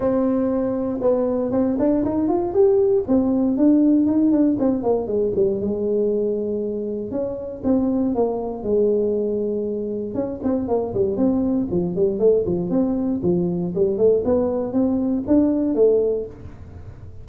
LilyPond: \new Staff \with { instrumentName = "tuba" } { \time 4/4 \tempo 4 = 118 c'2 b4 c'8 d'8 | dis'8 f'8 g'4 c'4 d'4 | dis'8 d'8 c'8 ais8 gis8 g8 gis4~ | gis2 cis'4 c'4 |
ais4 gis2. | cis'8 c'8 ais8 g8 c'4 f8 g8 | a8 f8 c'4 f4 g8 a8 | b4 c'4 d'4 a4 | }